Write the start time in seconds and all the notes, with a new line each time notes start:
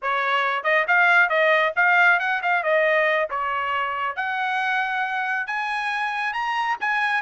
0.02 C#5
0.63 D#5
0.87 F5
1.29 D#5
1.76 F5
2.19 F#5
2.42 F5
2.63 D#5
3.29 C#5
4.15 F#5
5.46 G#5
6.33 A#5
6.80 G#5